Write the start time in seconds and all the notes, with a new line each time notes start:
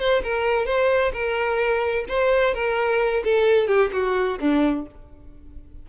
0.00 C5
0.24 A#4
0.67 C5
1.13 A#4
2.09 C5
2.55 A#4
3.25 A4
3.68 G4
3.93 F#4
4.40 D4